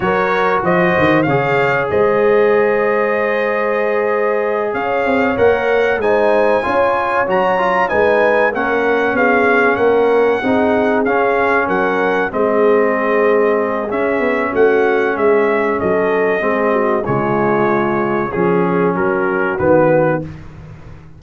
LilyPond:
<<
  \new Staff \with { instrumentName = "trumpet" } { \time 4/4 \tempo 4 = 95 cis''4 dis''4 f''4 dis''4~ | dis''2.~ dis''8 f''8~ | f''8 fis''4 gis''2 ais''8~ | ais''8 gis''4 fis''4 f''4 fis''8~ |
fis''4. f''4 fis''4 dis''8~ | dis''2 e''4 fis''4 | e''4 dis''2 cis''4~ | cis''4 gis'4 ais'4 b'4 | }
  \new Staff \with { instrumentName = "horn" } { \time 4/4 ais'4 c''4 cis''4 c''4~ | c''2.~ c''8 cis''8~ | cis''4. c''4 cis''4.~ | cis''8 b'4 ais'4 gis'4 ais'8~ |
ais'8 gis'2 ais'4 gis'8~ | gis'2. fis'4 | gis'4 a'4 gis'8 fis'8 f'4~ | f'4 gis'4 fis'2 | }
  \new Staff \with { instrumentName = "trombone" } { \time 4/4 fis'2 gis'2~ | gis'1~ | gis'8 ais'4 dis'4 f'4 fis'8 | f'8 dis'4 cis'2~ cis'8~ |
cis'8 dis'4 cis'2 c'8~ | c'2 cis'2~ | cis'2 c'4 gis4~ | gis4 cis'2 b4 | }
  \new Staff \with { instrumentName = "tuba" } { \time 4/4 fis4 f8 dis8 cis4 gis4~ | gis2.~ gis8 cis'8 | c'8 ais4 gis4 cis'4 fis8~ | fis8 gis4 ais4 b4 ais8~ |
ais8 c'4 cis'4 fis4 gis8~ | gis2 cis'8 b8 a4 | gis4 fis4 gis4 cis4~ | cis4 f4 fis4 dis4 | }
>>